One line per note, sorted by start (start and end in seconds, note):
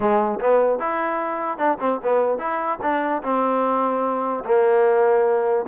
0.00 0.39 G#3
0.40 0.79 B3
0.79 1.57 E4
1.57 1.78 D4
1.80 2.00 C4
2.03 2.38 B3
2.38 2.78 E4
2.82 3.22 D4
3.23 4.43 C4
4.44 5.65 A#3